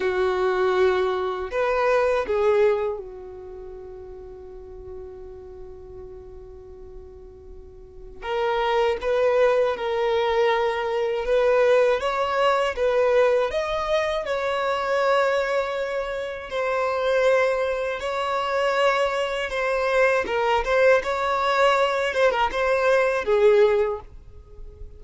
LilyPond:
\new Staff \with { instrumentName = "violin" } { \time 4/4 \tempo 4 = 80 fis'2 b'4 gis'4 | fis'1~ | fis'2. ais'4 | b'4 ais'2 b'4 |
cis''4 b'4 dis''4 cis''4~ | cis''2 c''2 | cis''2 c''4 ais'8 c''8 | cis''4. c''16 ais'16 c''4 gis'4 | }